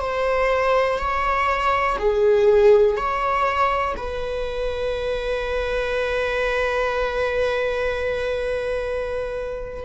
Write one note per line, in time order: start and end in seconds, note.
0.00 0.98 C5
0.98 1.97 C#5
1.99 2.96 G#4
2.96 3.95 C#5
3.96 9.85 B4